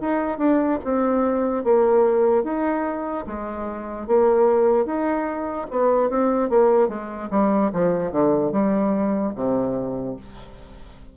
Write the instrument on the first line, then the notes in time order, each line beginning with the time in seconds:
bassoon
0.00 D#4
0.38 D4
0.84 C4
1.63 A#3
2.43 D#4
3.27 G#3
4.07 A#3
4.85 D#4
5.70 B3
6.09 C4
6.49 A#3
6.88 G#3
7.30 G3
7.72 F3
8.12 D3
8.52 G3
9.35 C3